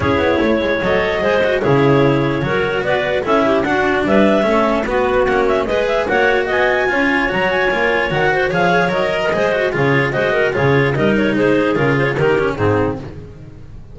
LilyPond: <<
  \new Staff \with { instrumentName = "clarinet" } { \time 4/4 \tempo 4 = 148 cis''2 dis''2 | cis''2. d''4 | e''4 fis''4 e''2 | b'4 fis''8 e''8 dis''8 e''8 fis''4 |
gis''2 ais''8 gis''4. | fis''4 f''4 dis''2 | cis''4 dis''4 cis''4 dis''8 cis''8 | c''4 ais'8 c''16 cis''16 ais'4 gis'4 | }
  \new Staff \with { instrumentName = "clarinet" } { \time 4/4 gis'4 cis''2 c''4 | gis'2 ais'4 b'4 | a'8 g'8 fis'4 b'4 a'4 | fis'2 b'4 cis''4 |
dis''4 cis''2.~ | cis''8 c''8 cis''4.~ cis''16 ais'16 c''4 | gis'4 c''8 ais'8 gis'4 ais'4 | gis'2 g'4 dis'4 | }
  \new Staff \with { instrumentName = "cello" } { \time 4/4 e'2 a'4 gis'8 fis'8 | e'2 fis'2 | e'4 d'2 cis'4 | b4 cis'4 gis'4 fis'4~ |
fis'4 f'4 fis'4 f'4 | fis'4 gis'4 ais'4 gis'8 fis'8 | f'4 fis'4 f'4 dis'4~ | dis'4 f'4 dis'8 cis'8 c'4 | }
  \new Staff \with { instrumentName = "double bass" } { \time 4/4 cis'8 b8 a8 gis8 fis4 gis4 | cis2 fis4 b4 | cis'4 d'4 g4 a4 | b4 ais4 gis4 ais4 |
b4 cis'4 fis4 ais4 | dis4 f4 fis4 gis4 | cis4 gis4 cis4 g4 | gis4 cis4 dis4 gis,4 | }
>>